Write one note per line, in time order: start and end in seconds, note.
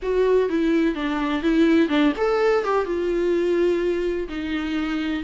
0.02 0.49 F#4
0.49 0.95 E4
0.95 1.42 D4
1.42 1.89 E4
1.89 2.12 D4
2.17 2.64 A4
2.64 2.85 G4
2.85 4.28 F4
4.28 5.23 D#4